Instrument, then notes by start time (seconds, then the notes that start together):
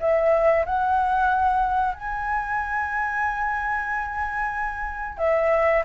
flute
0.00 E5
0.66 F#5
1.94 G#5
5.18 E5